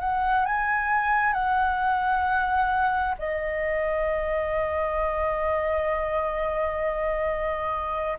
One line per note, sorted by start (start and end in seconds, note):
0.00 0.45 F#5
0.45 1.33 G#5
1.33 3.15 F#5
3.19 8.19 D#5